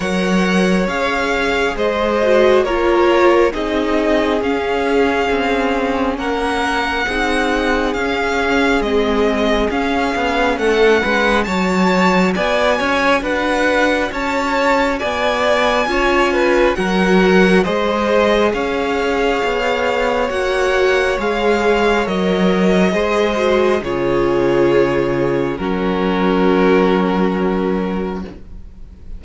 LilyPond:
<<
  \new Staff \with { instrumentName = "violin" } { \time 4/4 \tempo 4 = 68 fis''4 f''4 dis''4 cis''4 | dis''4 f''2 fis''4~ | fis''4 f''4 dis''4 f''4 | fis''4 a''4 gis''4 fis''4 |
a''4 gis''2 fis''4 | dis''4 f''2 fis''4 | f''4 dis''2 cis''4~ | cis''4 ais'2. | }
  \new Staff \with { instrumentName = "violin" } { \time 4/4 cis''2 c''4 ais'4 | gis'2. ais'4 | gis'1 | a'8 b'8 cis''4 d''8 cis''8 b'4 |
cis''4 d''4 cis''8 b'8 ais'4 | c''4 cis''2.~ | cis''2 c''4 gis'4~ | gis'4 fis'2. | }
  \new Staff \with { instrumentName = "viola" } { \time 4/4 ais'4 gis'4. fis'8 f'4 | dis'4 cis'2. | dis'4 cis'4 c'4 cis'4~ | cis'4 fis'2.~ |
fis'2 f'4 fis'4 | gis'2. fis'4 | gis'4 ais'4 gis'8 fis'8 f'4~ | f'4 cis'2. | }
  \new Staff \with { instrumentName = "cello" } { \time 4/4 fis4 cis'4 gis4 ais4 | c'4 cis'4 c'4 ais4 | c'4 cis'4 gis4 cis'8 b8 | a8 gis8 fis4 b8 cis'8 d'4 |
cis'4 b4 cis'4 fis4 | gis4 cis'4 b4 ais4 | gis4 fis4 gis4 cis4~ | cis4 fis2. | }
>>